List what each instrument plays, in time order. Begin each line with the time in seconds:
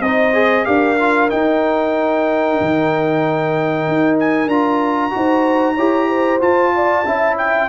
0.00 tuba C4, trombone D#4, horn C5, trumpet D#5
0.33 trombone G#4
0.64 tuba D4, trombone G4, horn A#4, trumpet F5
0.99 trombone F4
1.30 trombone D#4, tuba D#4, trumpet G5
2.60 tuba D#3
3.87 tuba D#4
4.19 trumpet G#5
4.46 tuba D4, trombone F4, trumpet A#5
5.10 tuba D#4, trombone F#4, horn C5
5.74 tuba E4, trombone G4, horn C#5
6.08 horn C5
6.40 trombone F4, tuba F4, trumpet A5
6.75 horn D5
7.05 tuba C#4, trombone E4, horn E5
7.37 trumpet G5